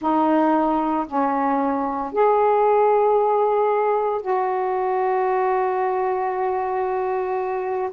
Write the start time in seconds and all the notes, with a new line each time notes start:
0.00 D#4
1.07 C#4
2.12 G#4
4.21 F#4